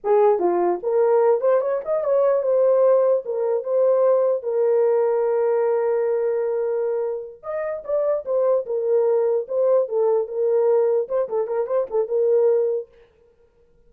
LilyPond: \new Staff \with { instrumentName = "horn" } { \time 4/4 \tempo 4 = 149 gis'4 f'4 ais'4. c''8 | cis''8 dis''8 cis''4 c''2 | ais'4 c''2 ais'4~ | ais'1~ |
ais'2~ ais'8 dis''4 d''8~ | d''8 c''4 ais'2 c''8~ | c''8 a'4 ais'2 c''8 | a'8 ais'8 c''8 a'8 ais'2 | }